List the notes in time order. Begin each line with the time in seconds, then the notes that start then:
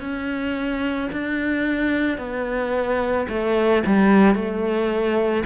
0.00 C#4
1.12 D4
2.17 B3
3.28 A3
3.86 G3
4.34 A3